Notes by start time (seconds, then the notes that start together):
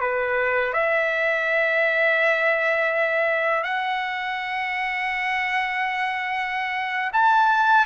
0.00 B4
0.73 E5
3.63 F#5
7.13 A5